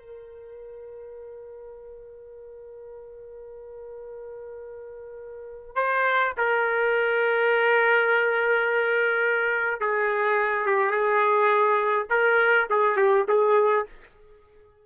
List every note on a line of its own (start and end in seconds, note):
0.00 5.76 A#4
5.76 6.34 C5
6.38 9.81 A#4
9.81 10.67 G#4
10.67 10.91 G4
10.91 12.07 G#4
12.10 12.68 A#4
12.70 12.97 G#4
12.97 13.26 G4
13.29 13.87 G#4